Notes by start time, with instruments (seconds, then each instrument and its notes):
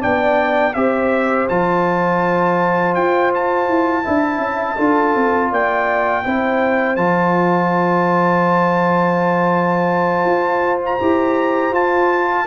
0.00 tuba B3, trombone D4, horn D5, trumpet G5
0.74 tuba C4, trombone G4, horn C5, trumpet E5
1.49 tuba F3, trombone F4, trumpet A5
2.95 tuba F4, trumpet G5
3.35 trumpet A5
3.69 tuba E4
4.04 tuba D4, trombone E4, horn E5
4.39 tuba C#4
4.77 tuba D4, trombone F4, horn A4
5.16 tuba C4
5.51 tuba A#3, horn D5, trumpet G5
6.25 tuba C4, trombone E4, horn C5
6.96 tuba F3, trombone F4, trumpet A5
10.26 tuba F4
10.86 trumpet A#5
11.00 tuba E4, trombone G4
11.71 tuba F4, trombone F4, trumpet A5